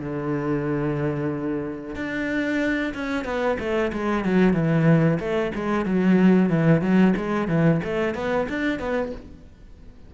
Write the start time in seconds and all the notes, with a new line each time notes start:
0.00 D3
1.96 D4
2.94 C#4
3.25 B3
3.60 A3
3.93 G#3
4.25 F#3
4.54 E3
5.20 A3
5.56 G#3
5.86 F#3
6.50 E3
6.82 F#3
7.17 G#3
7.48 E3
7.84 A3
8.15 B3
8.49 D4
8.80 B3